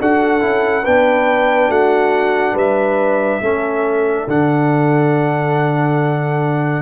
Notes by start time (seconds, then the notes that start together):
0.00 D4 F#4 A4 F#5
0.41 C#4 E4
0.84 B3 D4 B4 G5
1.69 A3 F#4 F#5
2.54 G3 B4 E5
3.41 A3 C#4 A4
4.28 D3 D4 F#5